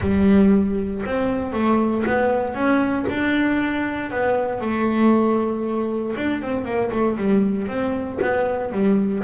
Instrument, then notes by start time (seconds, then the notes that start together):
double bass
0.00 G3
1.05 C4
1.52 A3
2.06 B3
2.54 C#4
3.09 D4
4.10 B3
4.61 A3
6.16 D4
6.41 C4
6.64 A#3
6.91 A3
7.17 G3
7.67 C4
8.21 B3
8.72 G3